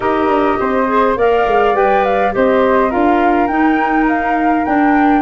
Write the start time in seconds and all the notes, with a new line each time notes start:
0.00 D#4 G4 A#4 D#5
0.27 D4
0.59 C4 C5
0.87 G#4
1.16 A#3 A#4 D5 F5
1.46 G#3
1.73 G3 B4 G5
2.04 F5
2.32 C4 G4 C5 D#5
2.89 D4 F4 A#4 F5
3.47 D#4 G5
4.08 F5
4.65 D4 G5